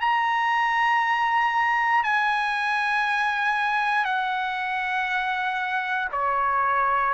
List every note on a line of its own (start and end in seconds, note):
0.00 2.03 A#5
2.03 4.04 G#5
4.04 6.08 F#5
6.12 7.13 C#5